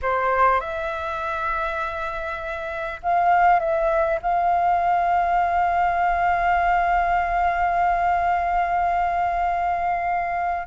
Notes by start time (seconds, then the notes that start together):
0.01 C5
0.60 E5
3.02 F5
3.59 E5
4.22 F5